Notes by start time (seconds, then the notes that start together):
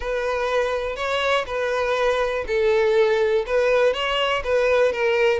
0.00 B4
0.96 C#5
1.46 B4
2.47 A4
3.46 B4
3.93 C#5
4.44 B4
4.92 A#4